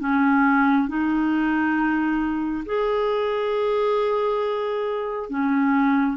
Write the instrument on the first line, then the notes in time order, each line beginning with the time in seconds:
clarinet
0.00 C#4
0.88 D#4
2.66 G#4
5.30 C#4